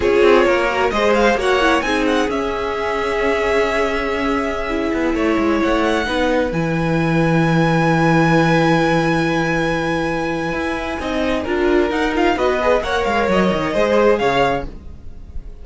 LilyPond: <<
  \new Staff \with { instrumentName = "violin" } { \time 4/4 \tempo 4 = 131 cis''2 dis''8 f''8 fis''4 | gis''8 fis''8 e''2.~ | e''1~ | e''16 fis''2 gis''4.~ gis''16~ |
gis''1~ | gis''1~ | gis''2 fis''8 f''8 dis''4 | fis''8 f''8 dis''2 f''4 | }
  \new Staff \with { instrumentName = "violin" } { \time 4/4 gis'4 ais'4 c''4 cis''4 | gis'1~ | gis'2.~ gis'16 cis''8.~ | cis''4~ cis''16 b'2~ b'8.~ |
b'1~ | b'1 | dis''4 ais'2 b'4 | cis''2 c''4 cis''4 | }
  \new Staff \with { instrumentName = "viola" } { \time 4/4 f'4. fis'8 gis'4 fis'8 e'8 | dis'4 cis'2.~ | cis'2~ cis'16 e'4.~ e'16~ | e'4~ e'16 dis'4 e'4.~ e'16~ |
e'1~ | e'1 | dis'4 f'4 dis'8 f'8 fis'8 gis'8 | ais'2 gis'2 | }
  \new Staff \with { instrumentName = "cello" } { \time 4/4 cis'8 c'8 ais4 gis4 ais4 | c'4 cis'2.~ | cis'2~ cis'8. b8 a8 gis16~ | gis16 a4 b4 e4.~ e16~ |
e1~ | e2. e'4 | c'4 d'4 dis'4 b4 | ais8 gis8 fis8 dis8 gis4 cis4 | }
>>